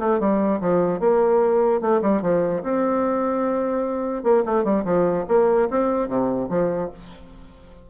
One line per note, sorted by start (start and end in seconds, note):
0.00 0.20 A3
0.20 0.61 G3
0.61 1.00 F3
1.00 1.81 A#3
1.81 2.02 A3
2.02 2.22 G3
2.22 2.63 F3
2.64 4.24 C4
4.24 4.44 A#3
4.46 4.65 A3
4.65 4.85 G3
4.85 5.26 F3
5.29 5.69 A#3
5.71 6.09 C4
6.09 6.49 C3
6.50 6.91 F3